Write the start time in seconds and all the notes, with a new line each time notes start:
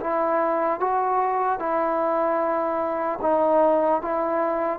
0.00 E4
0.80 F#4
1.59 E4
3.21 D#4
4.01 E4